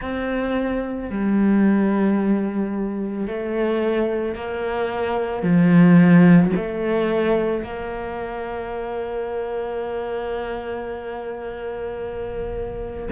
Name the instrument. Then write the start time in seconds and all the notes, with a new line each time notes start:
cello
0.01 C4
1.10 G3
3.27 A3
4.35 A#3
5.42 F3
6.56 A3
7.63 A#3